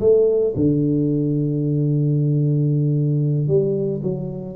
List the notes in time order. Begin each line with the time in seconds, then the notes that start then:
0.00 A3
0.56 D3
3.47 G3
4.03 F#3